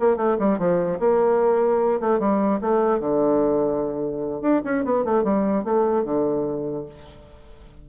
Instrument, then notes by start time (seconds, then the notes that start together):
bassoon
0.00 A#3
0.17 A3
0.39 G3
0.59 F3
1.00 A#3
2.00 A3
2.20 G3
2.61 A3
3.00 D3
4.42 D4
4.65 C#4
4.85 B3
5.05 A3
5.24 G3
5.65 A3
6.04 D3